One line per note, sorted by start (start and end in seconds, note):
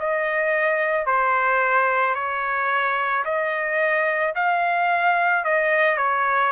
0.00 1.06 D#5
1.06 2.15 C5
2.15 3.24 C#5
3.25 4.34 D#5
4.35 5.44 F5
5.44 5.98 D#5
5.98 6.52 C#5